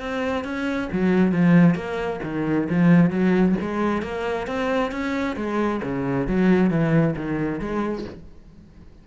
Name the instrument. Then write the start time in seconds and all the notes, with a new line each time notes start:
cello
0.00 C4
0.44 C#4
0.92 F#3
1.32 F3
1.75 A#3
2.24 D#3
2.69 F3
3.10 F#3
3.61 G#3
4.02 A#3
4.47 C4
4.92 C#4
5.36 G#3
5.83 C#3
6.27 F#3
6.70 E3
7.16 D#3
7.60 G#3